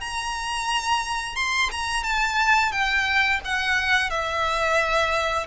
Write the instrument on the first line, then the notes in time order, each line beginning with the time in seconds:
violin
0.00 A#5
1.35 C6
1.71 A#5
2.03 A5
2.72 G5
3.44 F#5
4.10 E5